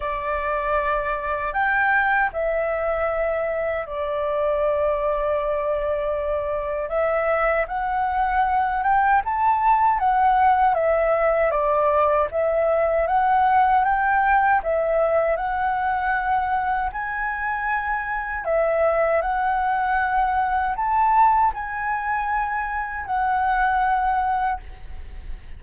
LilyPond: \new Staff \with { instrumentName = "flute" } { \time 4/4 \tempo 4 = 78 d''2 g''4 e''4~ | e''4 d''2.~ | d''4 e''4 fis''4. g''8 | a''4 fis''4 e''4 d''4 |
e''4 fis''4 g''4 e''4 | fis''2 gis''2 | e''4 fis''2 a''4 | gis''2 fis''2 | }